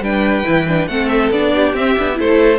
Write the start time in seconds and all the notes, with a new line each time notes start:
0.00 G3 D4 B4 G5
0.44 E3 E4
0.68 D4
0.87 A3 C4 A4 F#5
1.08 E5
1.30 B3 D4 D5
1.54 G4
1.74 C4 E5
1.98 B3 D4
2.14 A3 E4 A4 C5